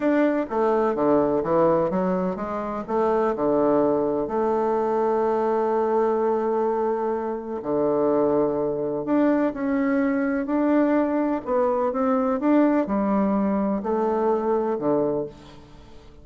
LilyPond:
\new Staff \with { instrumentName = "bassoon" } { \time 4/4 \tempo 4 = 126 d'4 a4 d4 e4 | fis4 gis4 a4 d4~ | d4 a2.~ | a1 |
d2. d'4 | cis'2 d'2 | b4 c'4 d'4 g4~ | g4 a2 d4 | }